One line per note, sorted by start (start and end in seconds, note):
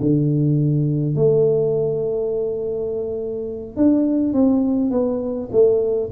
0.00 1.15 D3
1.15 3.76 A3
3.76 4.33 D4
4.33 4.91 C4
4.91 5.49 B3
5.52 6.10 A3